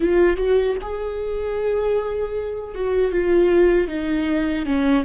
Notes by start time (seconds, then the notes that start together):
0.00 F4
0.36 F#4
0.81 G#4
2.74 F#4
3.11 F4
3.87 D#4
4.65 C#4